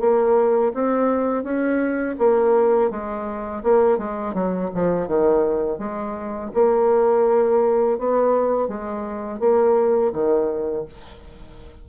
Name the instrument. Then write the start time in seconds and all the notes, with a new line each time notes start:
bassoon
0.00 A#3
0.74 C4
1.44 C#4
2.18 A#3
2.90 G#3
3.63 A#3
3.98 G#3
4.34 F#3
4.74 F3
5.07 D#3
5.78 G#3
6.54 A#3
7.98 B3
8.68 G#3
9.39 A#3
10.13 D#3